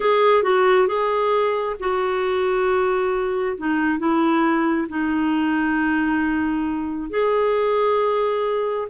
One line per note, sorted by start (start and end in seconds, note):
0.00 0.43 G#4
0.43 0.87 F#4
0.87 1.76 G#4
1.79 3.57 F#4
3.57 3.98 D#4
3.98 4.87 E4
4.88 7.10 D#4
7.10 8.87 G#4